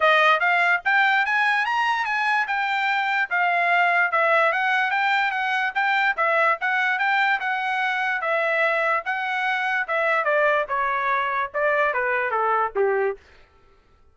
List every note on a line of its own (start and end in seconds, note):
0.00 0.39 D#5
0.39 0.81 F5
0.84 1.25 G5
1.25 1.65 G#5
1.65 2.05 A#5
2.05 2.46 G#5
2.47 3.29 G5
3.30 4.11 F5
4.11 4.52 E5
4.52 4.91 F#5
4.91 5.31 G5
5.31 5.72 F#5
5.74 6.15 G5
6.16 6.58 E5
6.60 6.98 F#5
6.98 7.39 G5
7.40 8.21 F#5
8.21 9.03 E5
9.05 9.87 F#5
9.87 10.24 E5
10.24 10.65 D5
10.68 11.50 C#5
11.53 11.93 D5
11.93 12.30 B4
12.30 12.72 A4
12.75 13.16 G4